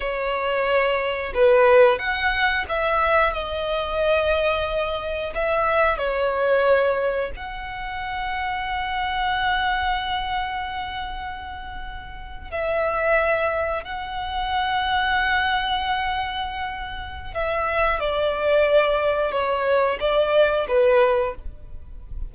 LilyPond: \new Staff \with { instrumentName = "violin" } { \time 4/4 \tempo 4 = 90 cis''2 b'4 fis''4 | e''4 dis''2. | e''4 cis''2 fis''4~ | fis''1~ |
fis''2~ fis''8. e''4~ e''16~ | e''8. fis''2.~ fis''16~ | fis''2 e''4 d''4~ | d''4 cis''4 d''4 b'4 | }